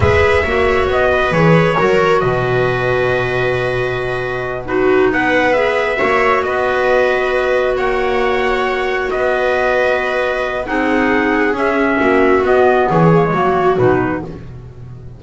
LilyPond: <<
  \new Staff \with { instrumentName = "trumpet" } { \time 4/4 \tempo 4 = 135 e''2 dis''4 cis''4~ | cis''4 dis''2.~ | dis''2~ dis''8 b'4 fis''8~ | fis''8 e''2 dis''4.~ |
dis''4. fis''2~ fis''8~ | fis''8 dis''2.~ dis''8 | fis''2 e''2 | dis''4 cis''2 b'4 | }
  \new Staff \with { instrumentName = "viola" } { \time 4/4 b'4 cis''4. b'4. | ais'4 b'2.~ | b'2~ b'8 fis'4 b'8~ | b'4. cis''4 b'4.~ |
b'4. cis''2~ cis''8~ | cis''8 b'2.~ b'8 | gis'2. fis'4~ | fis'4 gis'4 fis'2 | }
  \new Staff \with { instrumentName = "clarinet" } { \time 4/4 gis'4 fis'2 gis'4 | fis'1~ | fis'2~ fis'8 dis'4.~ | dis'8 gis'4 fis'2~ fis'8~ |
fis'1~ | fis'1 | dis'2 cis'2 | b4. ais16 gis16 ais4 dis'4 | }
  \new Staff \with { instrumentName = "double bass" } { \time 4/4 gis4 ais4 b4 e4 | fis4 b,2.~ | b,2.~ b,8 b8~ | b4. ais4 b4.~ |
b4. ais2~ ais8~ | ais8 b2.~ b8 | c'2 cis'4 ais4 | b4 e4 fis4 b,4 | }
>>